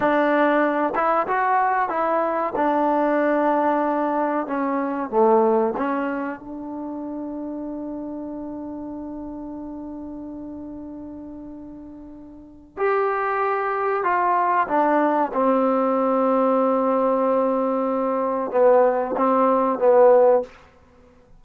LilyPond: \new Staff \with { instrumentName = "trombone" } { \time 4/4 \tempo 4 = 94 d'4. e'8 fis'4 e'4 | d'2. cis'4 | a4 cis'4 d'2~ | d'1~ |
d'1 | g'2 f'4 d'4 | c'1~ | c'4 b4 c'4 b4 | }